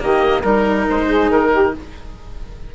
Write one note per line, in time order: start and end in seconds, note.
0.00 0.44 D#3
0.00 0.43 A#3
0.00 0.42 G4
0.00 0.42 D#5
0.42 0.87 G3
0.42 1.74 D#4
0.42 0.85 A#4
0.42 1.07 A#4
0.89 1.29 G#3
0.89 1.31 C5
1.07 1.50 G#4
1.29 1.73 D#3
1.29 1.75 A#4
1.52 1.74 G4